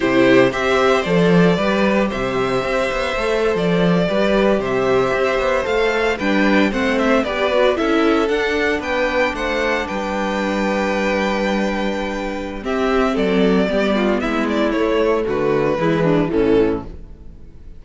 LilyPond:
<<
  \new Staff \with { instrumentName = "violin" } { \time 4/4 \tempo 4 = 114 c''4 e''4 d''2 | e''2~ e''8. d''4~ d''16~ | d''8. e''2 f''4 g''16~ | g''8. fis''8 e''8 d''4 e''4 fis''16~ |
fis''8. g''4 fis''4 g''4~ g''16~ | g''1 | e''4 d''2 e''8 d''8 | cis''4 b'2 a'4 | }
  \new Staff \with { instrumentName = "violin" } { \time 4/4 g'4 c''2 b'4 | c''2.~ c''8. b'16~ | b'8. c''2. b'16~ | b'8. c''4 b'4 a'4~ a'16~ |
a'8. b'4 c''4 b'4~ b'16~ | b'1 | g'4 a'4 g'8 f'8 e'4~ | e'4 fis'4 e'8 d'8 cis'4 | }
  \new Staff \with { instrumentName = "viola" } { \time 4/4 e'4 g'4 a'4 g'4~ | g'2 a'4.~ a'16 g'16~ | g'2~ g'8. a'4 d'16~ | d'8. c'4 g'8 fis'8 e'4 d'16~ |
d'1~ | d'1 | c'2 b2 | a2 gis4 e4 | }
  \new Staff \with { instrumentName = "cello" } { \time 4/4 c4 c'4 f4 g4 | c4 c'8 b8 a8. f4 g16~ | g8. c4 c'8 b8 a4 g16~ | g8. a4 b4 cis'4 d'16~ |
d'8. b4 a4 g4~ g16~ | g1 | c'4 fis4 g4 gis4 | a4 d4 e4 a,4 | }
>>